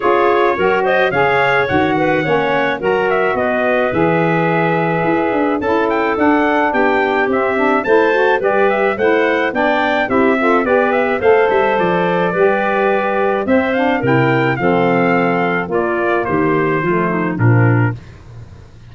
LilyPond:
<<
  \new Staff \with { instrumentName = "trumpet" } { \time 4/4 \tempo 4 = 107 cis''4. dis''8 f''4 fis''4~ | fis''4 ais''8 e''8 dis''4 e''4~ | e''2 a''8 g''8 fis''4 | g''4 e''4 a''4 d''8 e''8 |
fis''4 g''4 e''4 d''8 e''8 | f''8 e''8 d''2. | e''8 f''8 g''4 f''2 | d''4 c''2 ais'4 | }
  \new Staff \with { instrumentName = "clarinet" } { \time 4/4 gis'4 ais'8 c''8 cis''4. b'8 | cis''4 ais'4 b'2~ | b'2 a'2 | g'2 c''4 b'4 |
c''4 d''4 g'8 a'8 b'4 | c''2 b'2 | c''4 ais'4 a'2 | f'4 g'4 f'8 dis'8 d'4 | }
  \new Staff \with { instrumentName = "saxophone" } { \time 4/4 f'4 fis'4 gis'4 fis'4 | cis'4 fis'2 gis'4~ | gis'2 e'4 d'4~ | d'4 c'8 d'8 e'8 fis'8 g'4 |
e'4 d'4 e'8 f'8 g'4 | a'2 g'2 | c'8 d'8 e'4 c'2 | ais2 a4 f4 | }
  \new Staff \with { instrumentName = "tuba" } { \time 4/4 cis'4 fis4 cis4 dis4 | ais4 fis4 b4 e4~ | e4 e'8 d'8 cis'4 d'4 | b4 c'4 a4 g4 |
a4 b4 c'4 b4 | a8 g8 f4 g2 | c'4 c4 f2 | ais4 dis4 f4 ais,4 | }
>>